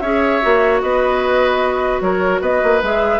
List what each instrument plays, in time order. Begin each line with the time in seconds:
0.00 bassoon C#4, clarinet G#4, oboe C#5, flute E5
0.42 bassoon A#3, clarinet F#4
0.81 bassoon B3, oboe B4, flute D#5
2.01 bassoon F#3, oboe A#4, flute C#5
2.41 bassoon B3, oboe B4, flute D#5
2.64 bassoon A#3
2.83 bassoon G#3, clarinet G#4, flute E5